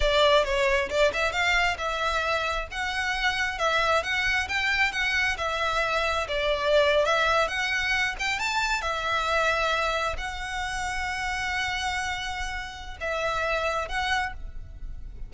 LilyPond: \new Staff \with { instrumentName = "violin" } { \time 4/4 \tempo 4 = 134 d''4 cis''4 d''8 e''8 f''4 | e''2 fis''2 | e''4 fis''4 g''4 fis''4 | e''2 d''4.~ d''16 e''16~ |
e''8. fis''4. g''8 a''4 e''16~ | e''2~ e''8. fis''4~ fis''16~ | fis''1~ | fis''4 e''2 fis''4 | }